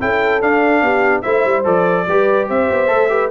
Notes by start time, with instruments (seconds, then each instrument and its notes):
0.00 tuba C#4, trombone E4, horn A4, trumpet G5
0.41 trombone D4, tuba D4, trumpet F5
0.82 tuba B3, horn G4
1.22 tuba A3, trombone E4, horn C5, trumpet E5
1.45 tuba G3
1.64 tuba F3, trombone A4, trumpet D5
2.08 tuba G3, trombone G4, horn B4
2.49 tuba C4, horn C5, trumpet E5
2.70 tuba B3
2.87 tuba A3, trombone A4
3.09 trombone G4, horn B4